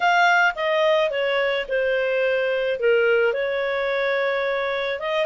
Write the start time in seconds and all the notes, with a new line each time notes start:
0.00 F5
0.55 D#5
1.10 C#5
1.68 C5
2.79 A#4
3.33 C#5
4.99 D#5